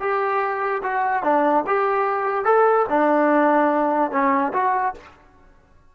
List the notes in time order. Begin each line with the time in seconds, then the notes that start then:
0.00 G4
0.83 F#4
1.23 D4
1.67 G4
2.45 A4
2.89 D4
4.11 C#4
4.53 F#4